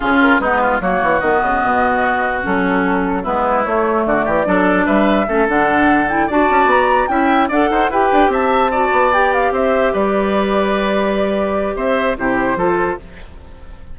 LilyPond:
<<
  \new Staff \with { instrumentName = "flute" } { \time 4/4 \tempo 4 = 148 gis'8 ais'8 b'4 cis''4 dis''4~ | dis''2 a'2 | b'4 cis''4 d''2 | e''4. fis''4. g''8 a''8~ |
a''8 ais''4 g''4 fis''4 g''8~ | g''8 a''2 g''8 f''8 e''8~ | e''8 d''2.~ d''8~ | d''4 e''4 c''2 | }
  \new Staff \with { instrumentName = "oboe" } { \time 4/4 f'4 dis'8 f'8 fis'2~ | fis'1 | e'2 fis'8 g'8 a'4 | b'4 a'2~ a'8 d''8~ |
d''4. e''4 d''8 c''8 b'8~ | b'8 e''4 d''2 c''8~ | c''8 b'2.~ b'8~ | b'4 c''4 g'4 a'4 | }
  \new Staff \with { instrumentName = "clarinet" } { \time 4/4 cis'4 b4 ais4 b4~ | b2 cis'2 | b4 a2 d'4~ | d'4 cis'8 d'4. e'8 fis'8~ |
fis'4. e'4 a'4 g'8~ | g'4. fis'4 g'4.~ | g'1~ | g'2 e'4 f'4 | }
  \new Staff \with { instrumentName = "bassoon" } { \time 4/4 cis4 gis4 fis8 e8 dis8 cis8 | b,2 fis2 | gis4 a4 d8 e8 fis4 | g4 a8 d2 d'8 |
cis'8 b4 cis'4 d'8 dis'8 e'8 | d'8 c'4. b4. c'8~ | c'8 g2.~ g8~ | g4 c'4 c4 f4 | }
>>